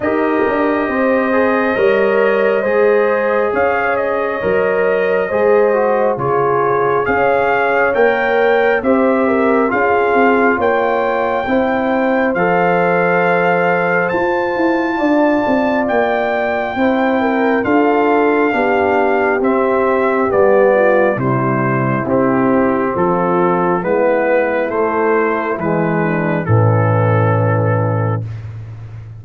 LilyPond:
<<
  \new Staff \with { instrumentName = "trumpet" } { \time 4/4 \tempo 4 = 68 dis''1 | f''8 dis''2~ dis''8 cis''4 | f''4 g''4 e''4 f''4 | g''2 f''2 |
a''2 g''2 | f''2 e''4 d''4 | c''4 g'4 a'4 b'4 | c''4 b'4 a'2 | }
  \new Staff \with { instrumentName = "horn" } { \time 4/4 ais'4 c''4 cis''4 c''4 | cis''2 c''4 gis'4 | cis''2 c''8 ais'8 gis'4 | cis''4 c''2.~ |
c''4 d''2 c''8 ais'8 | a'4 g'2~ g'8 f'8 | e'2 f'4 e'4~ | e'4. d'8 cis'2 | }
  \new Staff \with { instrumentName = "trombone" } { \time 4/4 g'4. gis'8 ais'4 gis'4~ | gis'4 ais'4 gis'8 fis'8 f'4 | gis'4 ais'4 g'4 f'4~ | f'4 e'4 a'2 |
f'2. e'4 | f'4 d'4 c'4 b4 | g4 c'2 b4 | a4 gis4 e2 | }
  \new Staff \with { instrumentName = "tuba" } { \time 4/4 dis'8 d'8 c'4 g4 gis4 | cis'4 fis4 gis4 cis4 | cis'4 ais4 c'4 cis'8 c'8 | ais4 c'4 f2 |
f'8 e'8 d'8 c'8 ais4 c'4 | d'4 b4 c'4 g4 | c4 c'4 f4 gis4 | a4 e4 a,2 | }
>>